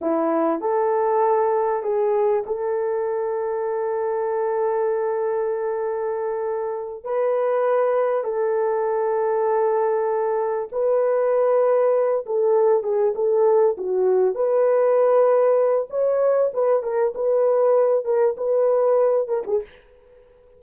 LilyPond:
\new Staff \with { instrumentName = "horn" } { \time 4/4 \tempo 4 = 98 e'4 a'2 gis'4 | a'1~ | a'2.~ a'8 b'8~ | b'4. a'2~ a'8~ |
a'4. b'2~ b'8 | a'4 gis'8 a'4 fis'4 b'8~ | b'2 cis''4 b'8 ais'8 | b'4. ais'8 b'4. ais'16 gis'16 | }